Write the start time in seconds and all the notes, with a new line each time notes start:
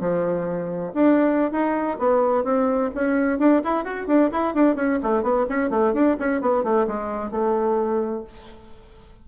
0.00 F3
0.94 D4
1.52 D#4
1.99 B3
2.44 C4
2.95 C#4
3.39 D4
3.64 E4
3.85 F#4
4.07 D4
4.31 E4
4.55 D4
4.76 C#4
5.03 A3
5.23 B3
5.49 C#4
5.70 A3
5.94 D4
6.20 C#4
6.41 B3
6.64 A3
6.87 G#3
7.31 A3